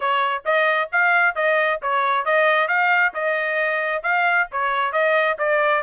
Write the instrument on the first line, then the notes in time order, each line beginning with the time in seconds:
trumpet
0.00 C#5
0.45 D#5
0.92 F5
1.35 D#5
1.82 C#5
2.25 D#5
2.67 F5
3.14 D#5
4.03 F5
4.51 C#5
4.92 D#5
5.38 D5